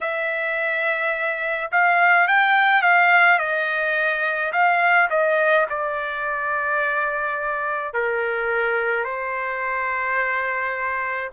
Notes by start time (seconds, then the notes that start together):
0.01 E5
1.71 F5
2.27 G5
2.81 F5
3.38 D#5
4.52 F5
5.09 D#5
5.69 D5
7.93 A#4
9.04 C5